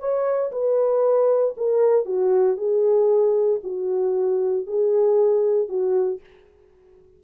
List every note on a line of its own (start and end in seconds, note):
0.00 0.52 C#5
0.52 1.55 B4
1.57 2.05 A#4
2.05 2.57 F#4
2.57 3.60 G#4
3.63 4.67 F#4
4.67 5.68 G#4
5.68 6.20 F#4